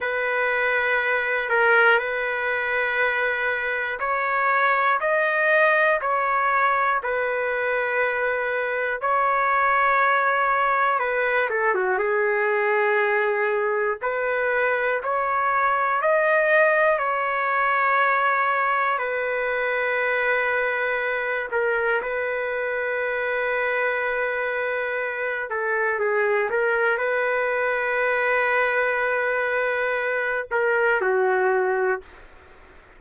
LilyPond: \new Staff \with { instrumentName = "trumpet" } { \time 4/4 \tempo 4 = 60 b'4. ais'8 b'2 | cis''4 dis''4 cis''4 b'4~ | b'4 cis''2 b'8 a'16 fis'16 | gis'2 b'4 cis''4 |
dis''4 cis''2 b'4~ | b'4. ais'8 b'2~ | b'4. a'8 gis'8 ais'8 b'4~ | b'2~ b'8 ais'8 fis'4 | }